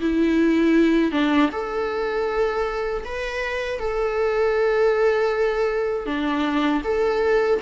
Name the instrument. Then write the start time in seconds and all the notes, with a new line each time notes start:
viola
0.00 E4
1.12 D4
1.52 A4
3.05 B4
3.79 A4
6.06 D4
6.84 A4